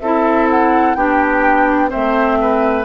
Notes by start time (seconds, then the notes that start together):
0.00 C4 E4 A4 E5
0.50 F#5
0.94 B3 D4 G4 G5
1.89 A3 C4 C5 E5
2.41 B4